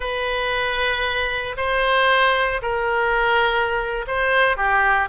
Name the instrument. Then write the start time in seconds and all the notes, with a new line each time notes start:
oboe
0.00 B4
1.56 C5
2.62 A#4
4.07 C5
4.56 G4